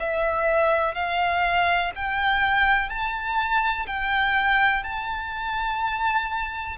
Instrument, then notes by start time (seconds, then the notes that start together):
violin
0.00 E5
0.95 F5
1.96 G5
2.90 A5
3.87 G5
4.84 A5